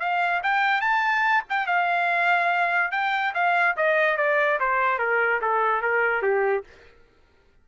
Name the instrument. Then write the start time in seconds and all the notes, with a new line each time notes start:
trumpet
0.00 F5
0.43 G5
0.81 A5
1.50 G5
1.67 F5
2.92 G5
3.34 F5
3.77 D#5
4.17 D5
4.60 C5
4.99 A#4
5.42 A4
5.82 A#4
6.23 G4